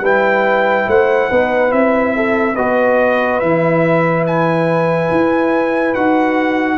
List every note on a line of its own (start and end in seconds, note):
0.00 0.85 G3
0.00 1.31 E4
0.00 0.86 B4
0.00 0.89 G5
0.87 1.29 A3
0.87 1.29 C5
0.87 1.71 F#5
1.29 1.72 B3
1.29 1.69 D#4
1.29 2.14 B4
1.69 2.56 C4
1.69 2.53 E4
1.69 2.55 E5
2.15 2.54 A4
2.54 3.41 B3
2.54 3.41 F#4
2.54 6.77 B4
2.54 3.39 D#5
3.39 5.10 E3
3.39 5.95 E4
3.39 4.24 E5
4.26 5.94 G#5
5.11 5.95 E4
5.94 6.78 D#4
5.94 6.78 F#4
5.94 6.78 F#5